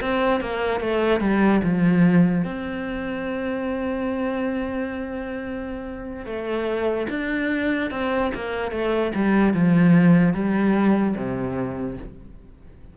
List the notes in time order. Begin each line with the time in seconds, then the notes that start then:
0.00 C4
0.40 A#3
0.80 A3
1.20 G3
1.63 F3
2.44 C4
6.25 A3
7.09 D4
7.90 C4
8.34 A#3
8.71 A3
9.14 G3
9.53 F3
10.33 G3
11.16 C3